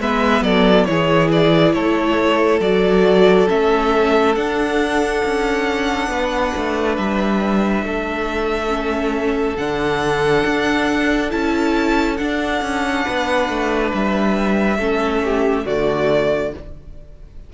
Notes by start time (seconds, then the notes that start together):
0.00 G#3 B3 B4 E5
0.41 F#3 A4 D5
0.85 E3 E4 G#4 C#5
1.32 D5
1.73 A3 A4 C#5
2.60 F#3 F#4 D5
3.47 A3 C#4 E5
4.35 D4 F#5
5.24 C#4
6.08 B3 B4
6.56 A3
6.96 G3 E5
7.83 A3 A4
8.68 C#4
9.57 D3 D4 F#5
10.45 D4
11.30 C#4 E4 A5
12.17 D4 F#5
12.61 C#4
13.04 B3 B4
13.49 A3
13.93 G3 E5
14.78 A3 C#4 A4
15.24 G4
15.65 D3 A3 F#4 D5